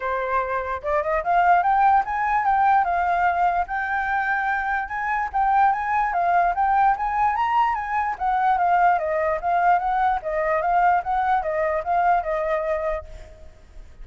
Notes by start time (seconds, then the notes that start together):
0.00 C5
0.83 D5
1.02 D#5
1.23 F5
1.62 G5
2.05 G#5
2.45 G5
2.84 F5
3.67 G5
4.88 G#5
5.32 G5
5.72 G#5
6.13 F5
6.55 G5
6.96 G#5
7.35 A#5
7.75 G#5
8.18 F#5
8.58 F5
8.99 D#5
9.41 F5
9.78 F#5
10.22 D#5
10.61 F5
11.03 F#5
11.42 D#5
11.83 F5
12.23 D#5